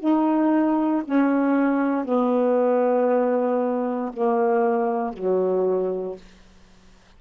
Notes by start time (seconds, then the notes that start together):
0.00 D#4
1.05 C#4
2.05 B3
4.14 A#3
5.14 F#3